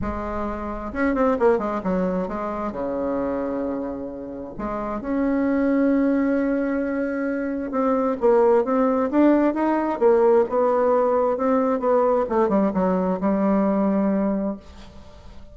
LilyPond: \new Staff \with { instrumentName = "bassoon" } { \time 4/4 \tempo 4 = 132 gis2 cis'8 c'8 ais8 gis8 | fis4 gis4 cis2~ | cis2 gis4 cis'4~ | cis'1~ |
cis'4 c'4 ais4 c'4 | d'4 dis'4 ais4 b4~ | b4 c'4 b4 a8 g8 | fis4 g2. | }